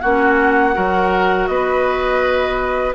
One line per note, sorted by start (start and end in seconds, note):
0.00 0.76 A#3
0.00 0.73 C#4
0.00 0.74 F#4
0.00 1.46 F#5
0.73 1.48 F#3
0.73 2.93 F#4
0.73 1.48 A#4
1.46 2.94 B3
1.46 2.94 B4
1.46 2.93 D#5